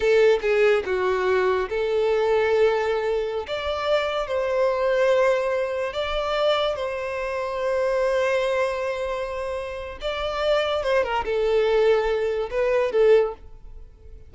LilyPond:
\new Staff \with { instrumentName = "violin" } { \time 4/4 \tempo 4 = 144 a'4 gis'4 fis'2 | a'1~ | a'16 d''2 c''4.~ c''16~ | c''2~ c''16 d''4.~ d''16~ |
d''16 c''2.~ c''8.~ | c''1 | d''2 c''8 ais'8 a'4~ | a'2 b'4 a'4 | }